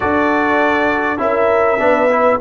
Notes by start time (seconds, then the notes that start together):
0.00 D4 F#4 A4 D5
1.17 C#4 E4 A#4 E5
1.78 B3 D4 B4
2.10 E4